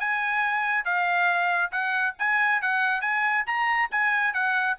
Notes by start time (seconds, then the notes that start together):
0.00 G#5
0.85 F5
1.72 F#5
2.19 G#5
2.62 F#5
3.02 G#5
3.47 A#5
3.92 G#5
4.34 F#5